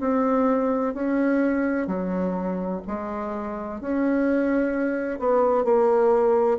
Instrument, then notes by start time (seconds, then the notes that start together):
bassoon
0.00 C4
0.94 C#4
1.87 F#3
2.87 G#3
3.81 C#4
5.19 B3
5.64 A#3